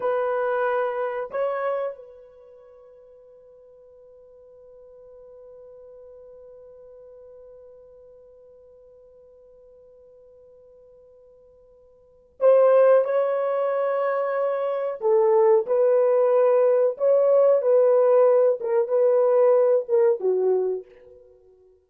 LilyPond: \new Staff \with { instrumentName = "horn" } { \time 4/4 \tempo 4 = 92 b'2 cis''4 b'4~ | b'1~ | b'1~ | b'1~ |
b'2. c''4 | cis''2. a'4 | b'2 cis''4 b'4~ | b'8 ais'8 b'4. ais'8 fis'4 | }